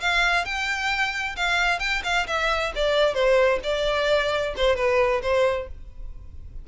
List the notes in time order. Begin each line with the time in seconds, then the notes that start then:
0.00 F5
0.44 G5
1.36 F5
1.79 G5
2.03 F5
2.27 E5
2.75 D5
3.14 C5
3.63 D5
4.56 C5
4.76 B4
5.22 C5